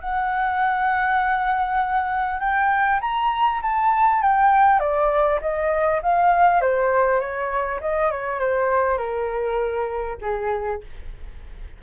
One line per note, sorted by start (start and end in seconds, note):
0.00 2.39 F#5
2.39 2.99 G5
3.00 3.60 A#5
3.62 4.22 A5
4.22 4.79 G5
4.79 5.39 D5
5.41 6.01 D#5
6.02 6.61 F5
6.61 7.19 C5
7.19 7.79 C#5
7.80 8.10 D#5
8.10 8.39 C#5
8.39 8.97 C5
8.97 10.17 A#4
10.21 10.81 G#4